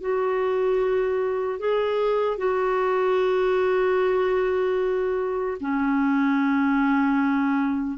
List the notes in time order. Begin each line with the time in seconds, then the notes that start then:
0.00 F#4
1.59 G#4
2.37 F#4
5.60 C#4